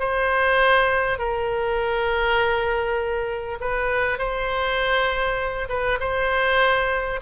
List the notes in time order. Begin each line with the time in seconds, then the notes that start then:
0.00 C5
1.19 A#4
3.61 B4
4.19 C5
5.69 B4
6.00 C5